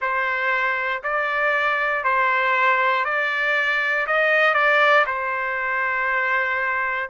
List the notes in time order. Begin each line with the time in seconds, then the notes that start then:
0.01 C5
1.03 D5
2.03 C5
3.04 D5
4.07 D#5
4.53 D5
5.06 C5